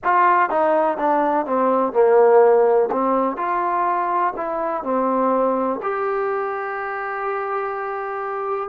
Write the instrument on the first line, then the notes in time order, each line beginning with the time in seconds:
trombone
0.04 F4
0.49 D#4
0.97 D4
1.46 C4
1.92 A#3
2.91 C4
3.36 F4
4.36 E4
4.83 C4
5.82 G4